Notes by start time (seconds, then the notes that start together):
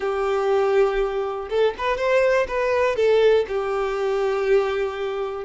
0.00 G4
1.49 A4
1.78 B4
1.97 C5
2.47 B4
2.96 A4
3.48 G4